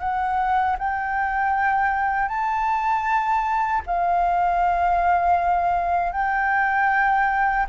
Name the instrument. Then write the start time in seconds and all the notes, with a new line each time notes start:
flute
0.00 F#5
0.79 G5
2.29 A5
3.87 F5
6.13 G5